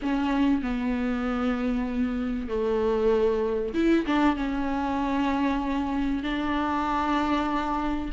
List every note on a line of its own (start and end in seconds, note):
0.01 0.61 C#4
0.61 2.48 B3
2.48 3.73 A3
3.74 4.05 E4
4.06 4.36 D4
4.36 6.23 C#4
6.23 8.10 D4